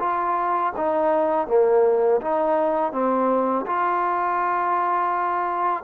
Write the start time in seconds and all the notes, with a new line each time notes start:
0.00 F4
0.77 D#4
1.48 A#3
2.22 D#4
2.93 C4
3.67 F4